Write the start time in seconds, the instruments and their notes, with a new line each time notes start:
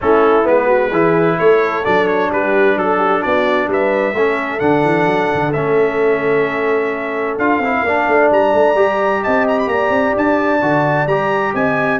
0.01 tuba A3, trombone C#4, horn E4, trumpet A4
0.43 tuba G#3, trombone B3, trumpet B4
0.66 horn F#4
0.91 tuba E3, trombone E4, horn G#4
1.39 tuba A3, horn A4, trumpet C#5
1.84 tuba F#3, trombone D4, trumpet D5
2.07 trumpet C#5
2.29 tuba G3, horn G4, trumpet B4
2.76 tuba F#3, horn A4, trumpet A4
2.97 horn G4
3.21 tuba B3, horn F#4, trumpet D5
3.67 tuba G3, horn B4, trumpet E5
4.13 tuba A3, trombone C#4, horn A4
4.59 tuba D3, trombone D4, trumpet F#5
4.83 tuba E3
5.05 tuba F#3
5.34 tuba D3
5.52 tuba A3, trombone C#4, trumpet E5
7.37 tuba D4, trombone F4, trumpet F5
7.59 tuba C4, trombone E4
7.82 tuba A#3, trombone D4, horn D5
8.07 tuba A3
8.30 tuba G3, trumpet A#5
8.53 tuba A3
8.74 tuba G3, trombone G4
9.23 tuba C4, horn D#5, trumpet A5
9.48 trumpet A#5
9.59 trumpet B5
9.66 tuba A#3, horn D5, trumpet A#5
9.89 tuba C4
10.16 tuba D4, trumpet A5
10.61 tuba D3, trombone F#4
11.06 tuba G3, trombone G4, trumpet A#5
11.54 tuba C4, horn D#5, trumpet G#5